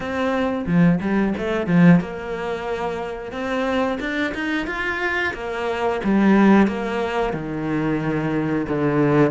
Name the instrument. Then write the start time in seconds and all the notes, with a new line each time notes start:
cello
0.00 C4
0.66 F3
1.00 G3
1.37 A3
1.67 F3
2.00 A#3
3.32 C4
3.99 D4
4.34 D#4
4.67 F4
5.34 A#3
6.04 G3
6.67 A#3
7.33 D#3
8.68 D3